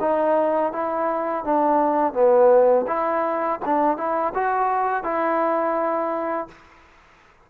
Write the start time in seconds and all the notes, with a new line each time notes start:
0.00 D#4
0.72 E4
1.44 D4
2.13 B3
2.87 E4
3.65 D4
3.97 E4
4.34 F#4
5.03 E4